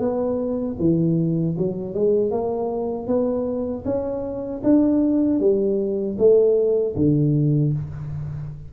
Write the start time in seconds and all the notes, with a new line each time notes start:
0.00 B3
0.79 E3
1.58 F#3
1.95 G#3
2.31 A#3
3.07 B3
3.85 C#4
4.64 D4
5.40 G3
6.19 A3
6.97 D3